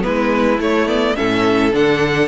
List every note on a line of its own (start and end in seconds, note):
0.00 0.59 G#3
0.00 0.57 B3
0.00 1.16 E4
0.00 0.60 B4
0.58 0.86 A3
0.58 1.15 A3
0.58 0.88 C#5
0.86 1.15 B3
0.86 1.16 D5
1.15 1.74 A2
1.15 1.72 C#4
1.15 2.28 A4
1.15 1.73 E5
1.72 2.28 D3
1.72 2.28 D4
1.72 2.28 F#5